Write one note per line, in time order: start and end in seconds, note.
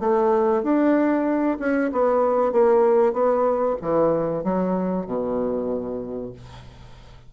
0.00 0.63 A3
0.63 1.58 D4
1.60 1.91 C#4
1.92 2.52 B3
2.52 3.13 A#3
3.13 3.76 B3
3.82 4.44 E3
4.44 5.06 F#3
5.06 6.32 B2